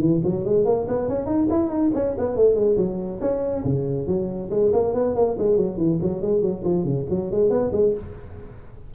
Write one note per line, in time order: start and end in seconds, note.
0.00 0.21 E3
0.24 0.45 F#3
0.45 0.65 G#3
0.65 0.87 A#3
0.88 1.09 B3
1.09 1.26 C#4
1.26 1.48 D#4
1.50 1.69 E4
1.69 1.91 D#4
1.94 2.16 C#4
2.18 2.36 B3
2.36 2.55 A3
2.55 2.77 G#3
2.77 3.20 F#3
3.21 3.64 C#4
3.65 4.07 C#3
4.07 4.50 F#3
4.50 4.72 G#3
4.73 4.94 A#3
4.94 5.15 B3
5.15 5.37 A#3
5.39 5.57 G#3
5.57 5.77 F#3
5.77 5.99 E3
6.02 6.22 F#3
6.22 6.42 G#3
6.42 6.63 F#3
6.64 6.85 F3
6.85 7.06 C#3
7.10 7.31 F#3
7.31 7.50 G#3
7.50 7.71 B3
7.72 7.94 G#3